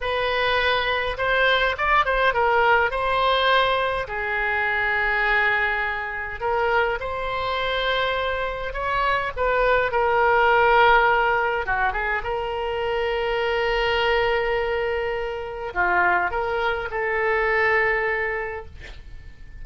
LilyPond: \new Staff \with { instrumentName = "oboe" } { \time 4/4 \tempo 4 = 103 b'2 c''4 d''8 c''8 | ais'4 c''2 gis'4~ | gis'2. ais'4 | c''2. cis''4 |
b'4 ais'2. | fis'8 gis'8 ais'2.~ | ais'2. f'4 | ais'4 a'2. | }